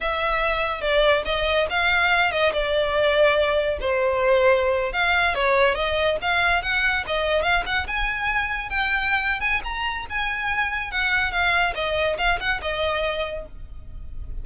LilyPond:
\new Staff \with { instrumentName = "violin" } { \time 4/4 \tempo 4 = 143 e''2 d''4 dis''4 | f''4. dis''8 d''2~ | d''4 c''2~ c''8. f''16~ | f''8. cis''4 dis''4 f''4 fis''16~ |
fis''8. dis''4 f''8 fis''8 gis''4~ gis''16~ | gis''8. g''4.~ g''16 gis''8 ais''4 | gis''2 fis''4 f''4 | dis''4 f''8 fis''8 dis''2 | }